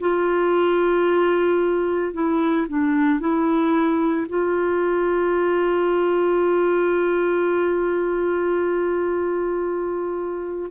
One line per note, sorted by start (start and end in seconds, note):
0.00 2.13 F4
2.13 2.67 E4
2.68 3.19 D4
3.19 4.27 E4
4.29 10.71 F4